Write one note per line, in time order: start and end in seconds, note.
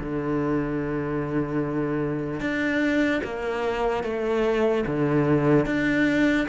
0.00 2.41 D3
2.41 3.22 D4
3.24 4.04 A#3
4.04 4.85 A3
4.87 5.66 D3
5.66 6.48 D4